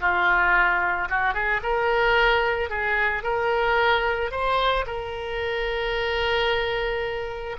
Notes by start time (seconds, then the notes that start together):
0.00 F4
1.09 F#4
1.33 G#4
1.62 A#4
2.69 G#4
3.23 A#4
4.31 C5
4.86 A#4